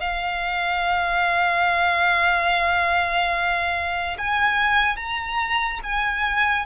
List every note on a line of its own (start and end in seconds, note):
0.00 4.17 F5
4.18 4.97 G#5
4.97 5.80 A#5
5.83 6.66 G#5